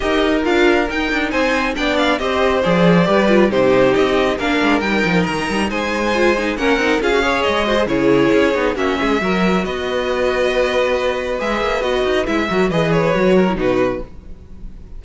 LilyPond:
<<
  \new Staff \with { instrumentName = "violin" } { \time 4/4 \tempo 4 = 137 dis''4 f''4 g''4 gis''4 | g''8 f''8 dis''4 d''2 | c''4 dis''4 f''4 g''4 | ais''4 gis''2 fis''4 |
f''4 dis''4 cis''2 | e''2 dis''2~ | dis''2 e''4 dis''4 | e''4 dis''8 cis''4. b'4 | }
  \new Staff \with { instrumentName = "violin" } { \time 4/4 ais'2. c''4 | d''4 c''2 b'4 | g'2 ais'2~ | ais'4 c''2 ais'4 |
gis'8 cis''4 c''8 gis'2 | fis'8 gis'8 ais'4 b'2~ | b'1~ | b'8 ais'8 b'4. ais'8 fis'4 | }
  \new Staff \with { instrumentName = "viola" } { \time 4/4 g'4 f'4 dis'2 | d'4 g'4 gis'4 g'8 f'8 | dis'2 d'4 dis'4~ | dis'2 f'8 dis'8 cis'8 dis'8 |
f'16 fis'16 gis'4 fis'16 gis'16 e'4. dis'8 | cis'4 fis'2.~ | fis'2 gis'4 fis'4 | e'8 fis'8 gis'4 fis'8. e'16 dis'4 | }
  \new Staff \with { instrumentName = "cello" } { \time 4/4 dis'4 d'4 dis'8 d'8 c'4 | b4 c'4 f4 g4 | c4 c'4 ais8 gis8 g8 f8 | dis8 g8 gis2 ais8 c'8 |
cis'4 gis4 cis4 cis'8 b8 | ais8 gis8 fis4 b2~ | b2 gis8 ais8 b8 dis'8 | gis8 fis8 e4 fis4 b,4 | }
>>